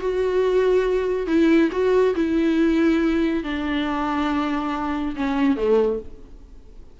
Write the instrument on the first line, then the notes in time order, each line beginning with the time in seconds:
viola
0.00 F#4
1.26 E4
1.71 F#4
2.15 E4
3.43 D4
5.16 C#4
5.56 A3